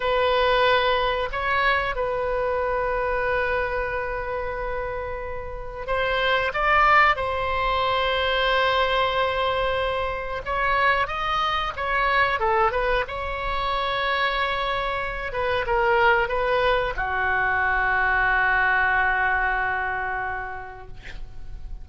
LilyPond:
\new Staff \with { instrumentName = "oboe" } { \time 4/4 \tempo 4 = 92 b'2 cis''4 b'4~ | b'1~ | b'4 c''4 d''4 c''4~ | c''1 |
cis''4 dis''4 cis''4 a'8 b'8 | cis''2.~ cis''8 b'8 | ais'4 b'4 fis'2~ | fis'1 | }